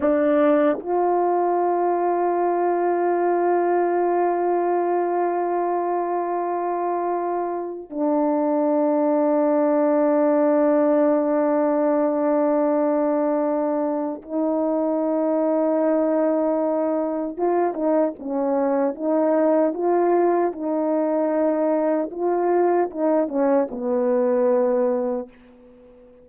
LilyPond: \new Staff \with { instrumentName = "horn" } { \time 4/4 \tempo 4 = 76 d'4 f'2.~ | f'1~ | f'2 d'2~ | d'1~ |
d'2 dis'2~ | dis'2 f'8 dis'8 cis'4 | dis'4 f'4 dis'2 | f'4 dis'8 cis'8 b2 | }